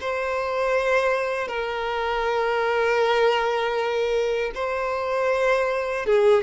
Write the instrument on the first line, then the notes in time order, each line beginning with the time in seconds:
violin
0.00 C5
1.47 A#4
4.54 C5
6.05 G#4